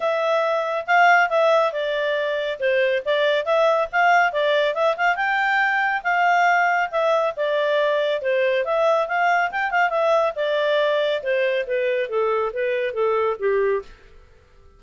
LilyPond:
\new Staff \with { instrumentName = "clarinet" } { \time 4/4 \tempo 4 = 139 e''2 f''4 e''4 | d''2 c''4 d''4 | e''4 f''4 d''4 e''8 f''8 | g''2 f''2 |
e''4 d''2 c''4 | e''4 f''4 g''8 f''8 e''4 | d''2 c''4 b'4 | a'4 b'4 a'4 g'4 | }